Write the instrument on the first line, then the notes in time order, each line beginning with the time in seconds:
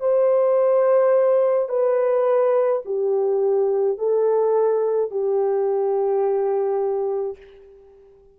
horn
0.00 C5
1.68 B4
2.85 G4
3.98 A4
5.10 G4